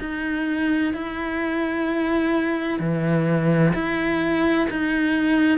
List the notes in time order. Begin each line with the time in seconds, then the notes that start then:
0.00 D#4
0.94 E4
2.80 E3
3.74 E4
4.70 D#4